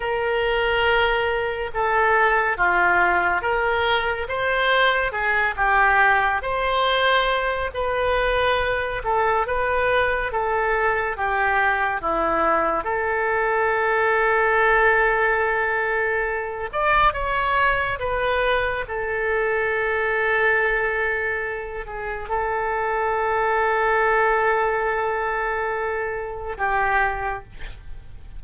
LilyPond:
\new Staff \with { instrumentName = "oboe" } { \time 4/4 \tempo 4 = 70 ais'2 a'4 f'4 | ais'4 c''4 gis'8 g'4 c''8~ | c''4 b'4. a'8 b'4 | a'4 g'4 e'4 a'4~ |
a'2.~ a'8 d''8 | cis''4 b'4 a'2~ | a'4. gis'8 a'2~ | a'2. g'4 | }